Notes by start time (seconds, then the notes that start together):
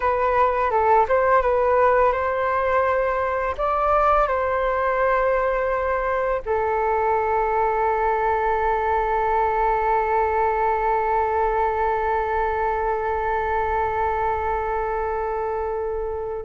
0.00 B4
0.70 A4
1.08 C5
1.42 B4
2.12 C5
3.57 D5
4.27 C5
6.45 A4